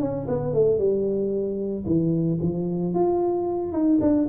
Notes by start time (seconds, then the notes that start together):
0.00 C#4
0.28 B3
0.53 A3
0.78 G3
1.86 E3
2.41 F3
2.93 F4
3.72 D#4
4.00 D4